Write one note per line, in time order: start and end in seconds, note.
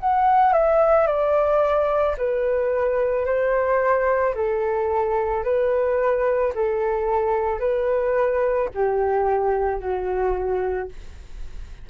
0.00 0.53 F#5
0.53 1.07 E5
1.07 2.16 D5
2.18 3.26 B4
3.26 4.35 C5
4.35 5.44 A4
5.44 6.53 B4
6.55 7.60 A4
7.60 8.69 B4
8.74 9.80 G4
9.80 10.89 F#4